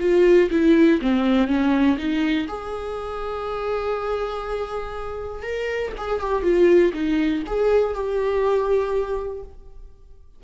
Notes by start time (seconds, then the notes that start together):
0.00 F4
0.50 E4
1.02 C4
1.47 C#4
1.98 D#4
2.48 G#4
5.43 A#4
5.97 G#4
6.20 G4
6.43 F4
6.93 D#4
7.46 G#4
7.94 G4